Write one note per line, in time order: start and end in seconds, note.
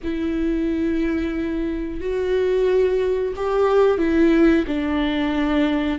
0.03 2.00 E4
2.00 3.33 F#4
3.36 3.98 G4
3.98 4.64 E4
4.67 5.98 D4